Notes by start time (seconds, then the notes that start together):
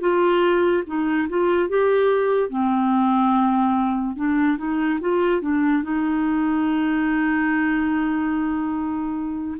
0.00 F4
0.87 D#4
1.29 F4
1.69 G4
2.50 C4
4.16 D4
4.58 D#4
5.01 F4
5.41 D4
5.83 D#4